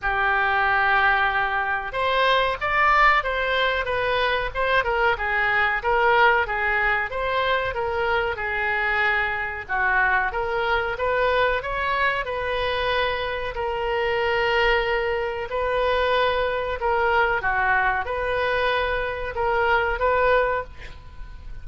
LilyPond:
\new Staff \with { instrumentName = "oboe" } { \time 4/4 \tempo 4 = 93 g'2. c''4 | d''4 c''4 b'4 c''8 ais'8 | gis'4 ais'4 gis'4 c''4 | ais'4 gis'2 fis'4 |
ais'4 b'4 cis''4 b'4~ | b'4 ais'2. | b'2 ais'4 fis'4 | b'2 ais'4 b'4 | }